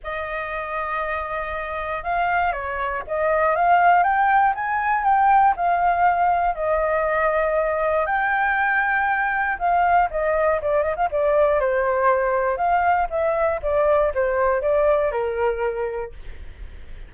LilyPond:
\new Staff \with { instrumentName = "flute" } { \time 4/4 \tempo 4 = 119 dis''1 | f''4 cis''4 dis''4 f''4 | g''4 gis''4 g''4 f''4~ | f''4 dis''2. |
g''2. f''4 | dis''4 d''8 dis''16 f''16 d''4 c''4~ | c''4 f''4 e''4 d''4 | c''4 d''4 ais'2 | }